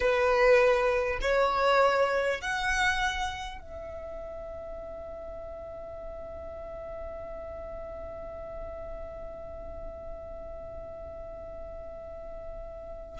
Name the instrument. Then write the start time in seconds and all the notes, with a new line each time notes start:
violin
0.00 B4
1.21 C#5
2.41 F#5
3.60 E5